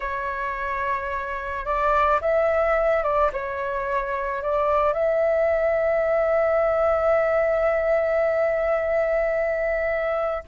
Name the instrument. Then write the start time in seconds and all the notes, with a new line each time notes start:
flute
0.00 C#5
1.65 D5
2.21 E5
3.03 D5
3.32 C#5
4.42 D5
4.93 E5